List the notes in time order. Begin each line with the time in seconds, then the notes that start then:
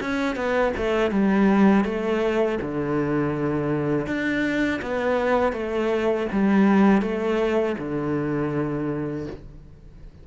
0.00 C#4
0.35 B3
0.77 A3
1.11 G3
1.85 A3
2.61 D3
4.06 D4
4.81 B3
5.53 A3
6.32 G3
7.02 A3
7.78 D3